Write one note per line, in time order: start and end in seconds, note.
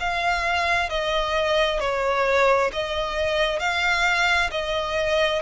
0.00 0.89 F5
0.89 1.80 D#5
1.80 2.71 C#5
2.73 3.60 D#5
3.60 4.50 F5
4.51 5.42 D#5